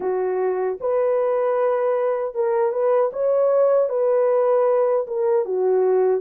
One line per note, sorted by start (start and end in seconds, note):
0.00 0.78 F#4
0.80 2.34 B4
2.34 2.71 A#4
2.71 3.10 B4
3.12 3.89 C#5
3.89 5.06 B4
5.06 5.45 A#4
5.45 6.20 F#4